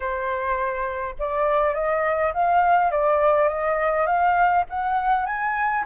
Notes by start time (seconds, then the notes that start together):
0.00 C5
1.18 D5
1.74 D#5
2.33 F5
2.91 D5
3.48 D#5
4.06 F5
4.69 F#5
5.26 G#5